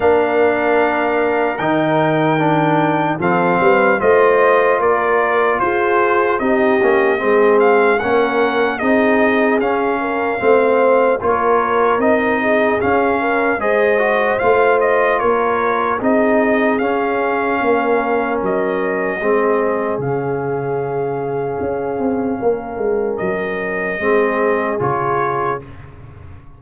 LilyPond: <<
  \new Staff \with { instrumentName = "trumpet" } { \time 4/4 \tempo 4 = 75 f''2 g''2 | f''4 dis''4 d''4 c''4 | dis''4. f''8 fis''4 dis''4 | f''2 cis''4 dis''4 |
f''4 dis''4 f''8 dis''8 cis''4 | dis''4 f''2 dis''4~ | dis''4 f''2.~ | f''4 dis''2 cis''4 | }
  \new Staff \with { instrumentName = "horn" } { \time 4/4 ais'1 | a'8 b'8 c''4 ais'4 gis'4 | g'4 gis'4 ais'4 gis'4~ | gis'8 ais'8 c''4 ais'4. gis'8~ |
gis'8 ais'8 c''2 ais'4 | gis'2 ais'2 | gis'1 | ais'2 gis'2 | }
  \new Staff \with { instrumentName = "trombone" } { \time 4/4 d'2 dis'4 d'4 | c'4 f'2. | dis'8 cis'8 c'4 cis'4 dis'4 | cis'4 c'4 f'4 dis'4 |
cis'4 gis'8 fis'8 f'2 | dis'4 cis'2. | c'4 cis'2.~ | cis'2 c'4 f'4 | }
  \new Staff \with { instrumentName = "tuba" } { \time 4/4 ais2 dis2 | f8 g8 a4 ais4 f'4 | c'8 ais8 gis4 ais4 c'4 | cis'4 a4 ais4 c'4 |
cis'4 gis4 a4 ais4 | c'4 cis'4 ais4 fis4 | gis4 cis2 cis'8 c'8 | ais8 gis8 fis4 gis4 cis4 | }
>>